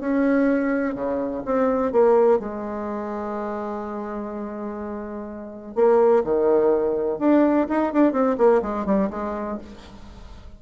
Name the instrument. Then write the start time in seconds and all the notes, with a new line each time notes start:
bassoon
0.00 C#4
0.95 C#3
1.45 C4
1.92 A#3
2.39 G#3
5.75 A#3
6.24 D#3
7.19 D4
7.69 D#4
7.92 D4
8.13 C4
8.37 A#3
8.62 G#3
8.85 G3
9.10 G#3